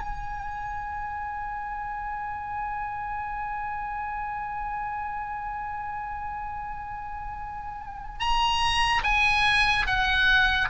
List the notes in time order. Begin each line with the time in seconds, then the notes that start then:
0.00 G#5
8.20 A#5
9.04 G#5
9.87 F#5